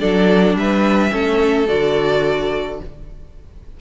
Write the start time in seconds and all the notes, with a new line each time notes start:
0.00 F#3 D4 A4 D5
0.56 G3 B4 E5
1.11 A3 C#4 A4
1.68 D3 F#4 D5